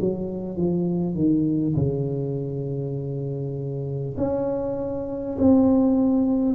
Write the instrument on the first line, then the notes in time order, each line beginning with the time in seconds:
tuba
0.00 F#3
0.56 F3
1.15 D#3
1.75 C#3
4.17 C#4
5.38 C4